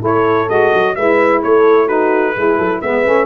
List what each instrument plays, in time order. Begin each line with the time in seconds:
0.00 tuba A3, saxophone E4, horn A4, trumpet C#5
0.48 tuba G#3, saxophone F#4, trumpet D#5
0.74 tuba F#3
0.95 tuba G#3, saxophone E4, horn B4, trumpet E5
1.43 tuba A3, horn A4, trumpet C#5
1.87 saxophone D#4, horn F#4, trumpet B4
2.36 tuba G#3, saxophone E4, horn G#4
2.58 tuba F#3, horn A4
2.81 tuba G#3, saxophone B3, horn B4, trumpet E5
3.05 tuba A3, saxophone C#4